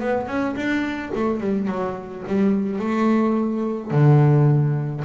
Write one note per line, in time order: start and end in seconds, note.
0.00 0.28 B3
0.28 0.56 C#4
0.56 1.12 D4
1.15 1.40 A3
1.40 1.68 G3
1.68 2.24 F#3
2.27 2.79 G3
2.79 3.91 A3
3.92 5.04 D3